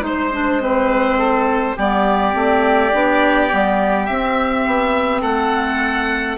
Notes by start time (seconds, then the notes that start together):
0.00 G#3 D#4 C5
0.32 D4
0.61 C4 B4
1.18 A4
1.76 G3 B3 G4 D5
2.32 A3 C4
2.92 B3 D4
3.50 G3 B3
4.05 C4 E5
4.66 B3
5.21 A3 A4 F#5